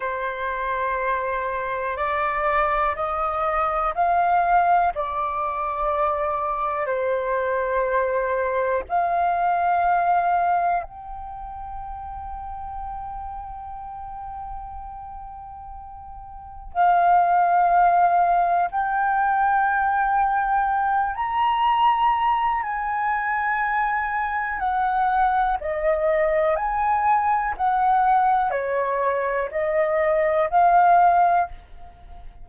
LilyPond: \new Staff \with { instrumentName = "flute" } { \time 4/4 \tempo 4 = 61 c''2 d''4 dis''4 | f''4 d''2 c''4~ | c''4 f''2 g''4~ | g''1~ |
g''4 f''2 g''4~ | g''4. ais''4. gis''4~ | gis''4 fis''4 dis''4 gis''4 | fis''4 cis''4 dis''4 f''4 | }